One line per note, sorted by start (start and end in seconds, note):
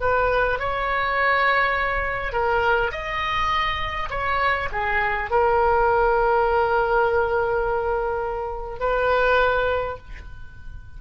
0.00 0.59 B4
0.59 2.32 C#5
2.32 2.91 A#4
2.91 4.09 D#5
4.10 4.69 C#5
4.72 5.30 G#4
5.30 8.79 A#4
8.79 9.97 B4